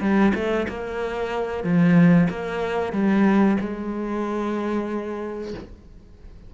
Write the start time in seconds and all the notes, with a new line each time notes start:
0.00 G3
0.34 A3
0.68 A#3
1.63 F3
2.29 A#3
2.92 G3
3.60 G#3